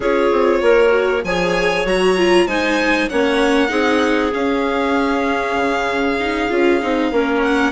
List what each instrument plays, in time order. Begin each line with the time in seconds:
0.00 bassoon C#4, viola F4, clarinet G#4, violin C#5
0.31 bassoon C4
0.61 bassoon A#3, clarinet A#4
0.88 viola F#4
1.23 bassoon F3, viola G#4, clarinet C#5, violin G#5
1.85 bassoon F#3, viola F#4, violin A#5
2.17 viola F4
2.46 bassoon G#3, viola D#4, clarinet C5, violin G#5
3.09 bassoon A#3, viola C#4, clarinet C#5, violin F#5
3.68 bassoon C4, viola D#4, clarinet G#4
4.32 viola C#4, bassoon C#4, violin F5
5.55 bassoon C#3
6.20 viola D#4
6.49 bassoon C#4, viola F4
6.81 bassoon C4, viola D#4
7.11 bassoon A#3, viola C#4, clarinet A#4
7.42 violin F#5